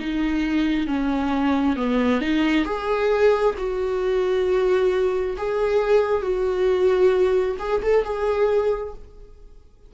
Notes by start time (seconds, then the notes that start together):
0.00 D#4
0.88 C#4
1.77 B3
2.21 D#4
2.65 G#4
3.58 F#4
5.38 G#4
6.23 F#4
7.59 G#4
7.83 A4
8.04 G#4